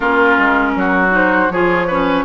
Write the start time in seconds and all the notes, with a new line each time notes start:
0.00 A#3 C#4 F4 A#4
0.38 G#3
0.75 F#3 F#4
1.10 D#4 C5
1.49 F3 F4 G#4 C#5
1.87 C#4 B4